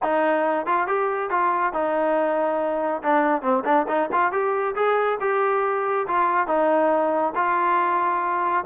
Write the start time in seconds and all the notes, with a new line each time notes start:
0.02 D#4
0.66 F4
0.87 G4
1.30 F4
1.73 D#4
3.02 D4
3.42 C4
3.64 D4
3.88 D#4
4.12 F4
4.32 G4
4.75 G#4
5.20 G4
6.07 F4
6.47 D#4
7.35 F4